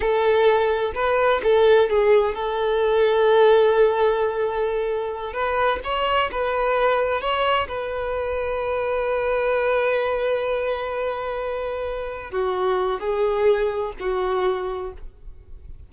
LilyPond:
\new Staff \with { instrumentName = "violin" } { \time 4/4 \tempo 4 = 129 a'2 b'4 a'4 | gis'4 a'2.~ | a'2.~ a'8 b'8~ | b'8 cis''4 b'2 cis''8~ |
cis''8 b'2.~ b'8~ | b'1~ | b'2~ b'8 fis'4. | gis'2 fis'2 | }